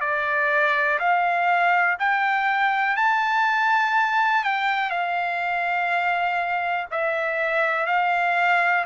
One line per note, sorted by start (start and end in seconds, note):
0.00 0.98 D5
0.99 1.97 F5
1.99 2.96 G5
2.96 4.44 A5
4.44 4.90 G5
4.90 6.86 F5
6.91 7.86 E5
7.86 8.84 F5